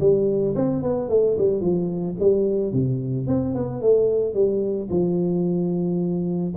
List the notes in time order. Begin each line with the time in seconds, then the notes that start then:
0.00 G3
0.55 C4
0.82 B3
1.09 A3
1.38 G3
1.61 F3
2.19 G3
2.72 C3
3.27 C4
3.55 B3
3.82 A3
4.34 G3
4.90 F3